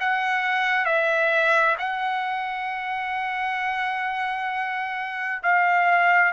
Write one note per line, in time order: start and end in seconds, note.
0.00 0.85 F#5
0.85 1.76 E5
1.79 5.42 F#5
5.43 6.33 F5